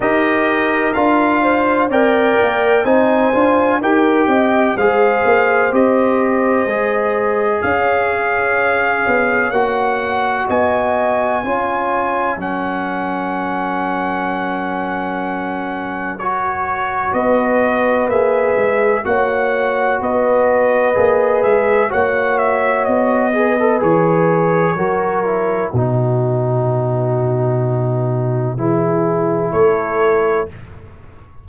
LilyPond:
<<
  \new Staff \with { instrumentName = "trumpet" } { \time 4/4 \tempo 4 = 63 dis''4 f''4 g''4 gis''4 | g''4 f''4 dis''2 | f''2 fis''4 gis''4~ | gis''4 fis''2.~ |
fis''4 cis''4 dis''4 e''4 | fis''4 dis''4. e''8 fis''8 e''8 | dis''4 cis''2 b'4~ | b'2. cis''4 | }
  \new Staff \with { instrumentName = "horn" } { \time 4/4 ais'4. c''8 d''4 c''4 | ais'8 dis''8 c''2. | cis''2. dis''4 | cis''4 ais'2.~ |
ais'2 b'2 | cis''4 b'2 cis''4~ | cis''8 b'4. ais'4 fis'4~ | fis'2 gis'4 a'4 | }
  \new Staff \with { instrumentName = "trombone" } { \time 4/4 g'4 f'4 ais'4 dis'8 f'8 | g'4 gis'4 g'4 gis'4~ | gis'2 fis'2 | f'4 cis'2.~ |
cis'4 fis'2 gis'4 | fis'2 gis'4 fis'4~ | fis'8 gis'16 a'16 gis'4 fis'8 e'8 dis'4~ | dis'2 e'2 | }
  \new Staff \with { instrumentName = "tuba" } { \time 4/4 dis'4 d'4 c'8 ais8 c'8 d'8 | dis'8 c'8 gis8 ais8 c'4 gis4 | cis'4. b8 ais4 b4 | cis'4 fis2.~ |
fis2 b4 ais8 gis8 | ais4 b4 ais8 gis8 ais4 | b4 e4 fis4 b,4~ | b,2 e4 a4 | }
>>